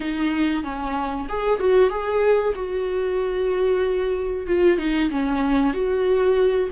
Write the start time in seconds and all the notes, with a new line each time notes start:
0.00 D#4
0.63 C#4
1.29 G#4
1.59 F#4
1.89 G#4
2.55 F#4
4.47 F4
4.78 D#4
5.10 C#4
5.73 F#4